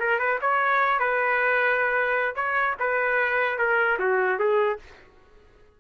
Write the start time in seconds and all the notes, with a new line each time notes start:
0.00 A#4
0.19 B4
0.41 C#5
0.99 B4
2.35 C#5
2.79 B4
3.58 A#4
3.99 F#4
4.39 G#4